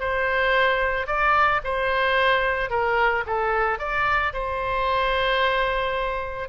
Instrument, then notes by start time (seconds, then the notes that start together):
oboe
0.00 C5
1.07 D5
1.64 C5
2.70 A#4
3.27 A4
3.79 D5
4.33 C5